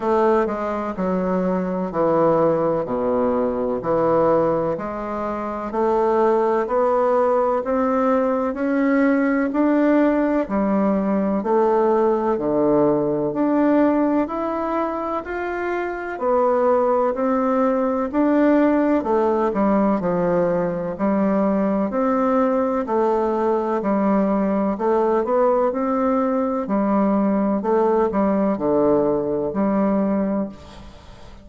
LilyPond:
\new Staff \with { instrumentName = "bassoon" } { \time 4/4 \tempo 4 = 63 a8 gis8 fis4 e4 b,4 | e4 gis4 a4 b4 | c'4 cis'4 d'4 g4 | a4 d4 d'4 e'4 |
f'4 b4 c'4 d'4 | a8 g8 f4 g4 c'4 | a4 g4 a8 b8 c'4 | g4 a8 g8 d4 g4 | }